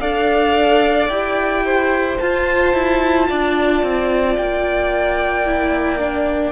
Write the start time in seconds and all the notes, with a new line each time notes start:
0.00 D4 A4 D5 F5
1.09 E4 G4 G5
1.65 C5
2.19 F4 A5
2.73 E4
3.29 D4 D5
3.83 C4
4.37 A#3 G5
5.46 E4
5.99 D4